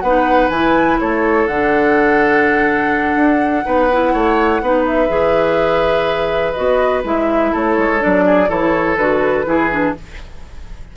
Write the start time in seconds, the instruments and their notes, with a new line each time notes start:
0.00 bassoon B3, clarinet D#4, oboe B4, flute F#5
0.49 bassoon E3, clarinet E4, flute G#5
0.99 bassoon A3, oboe A4, flute C#5
1.46 bassoon D3, clarinet D4, flute F#5
3.16 bassoon D4
3.64 bassoon B3, clarinet D#4, oboe B4
3.92 clarinet E4
4.13 bassoon A3, oboe C#5
4.61 bassoon B3, clarinet D#4, oboe B4
4.86 flute E5
5.08 bassoon E3, clarinet G#4
6.53 bassoon B3, clarinet F#4, flute D#5
7.04 bassoon G#3, clarinet E4, flute E5
7.52 bassoon A3, oboe A4, flute C#5
7.77 bassoon G#3
7.99 clarinet D4, flute D5
8.05 bassoon F#3
8.25 oboe G#4
8.48 bassoon E3, clarinet E4, oboe A4, flute C#5
8.96 bassoon D3, clarinet F#4, flute B4
9.45 bassoon E3, clarinet E4, oboe G#4
9.71 clarinet D4